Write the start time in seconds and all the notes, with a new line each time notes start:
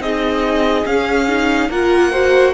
0.00 C4 D#4 G#4 D#5
0.86 C#4 F5
1.29 D#4
1.70 A#3 F4 A#4 F#5
2.12 F#4 C5